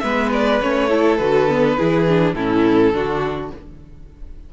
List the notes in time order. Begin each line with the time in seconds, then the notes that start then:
0.00 G#3 B3 B4 E5
0.33 D5
0.61 A3 C#4 C#5
0.89 E4 A4
1.17 D3 F#4 B4
1.49 B3
1.77 E3 E4 G#4
2.08 D4
2.33 A2 C#4 E4 A4
2.92 D3 D4 F#4